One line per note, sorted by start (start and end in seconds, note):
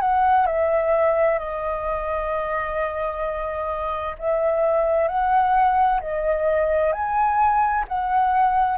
0.00 0.46 F#5
0.46 1.38 E5
1.38 4.15 D#5
4.18 5.08 E5
5.08 6.00 F#5
6.01 6.92 D#5
6.92 7.84 G#5
7.88 8.77 F#5